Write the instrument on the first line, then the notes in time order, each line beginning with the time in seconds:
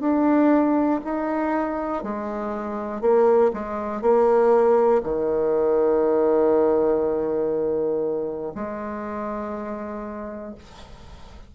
bassoon
0.00 D4
1.04 D#4
2.03 G#3
3.01 A#3
3.53 G#3
4.01 A#3
5.03 D#3
8.55 G#3